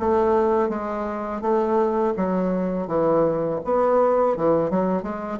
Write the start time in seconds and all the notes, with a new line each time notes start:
0.00 A3
0.69 G#3
1.42 A3
2.17 F#3
2.88 E3
3.65 B3
4.37 E3
4.71 F#3
5.03 G#3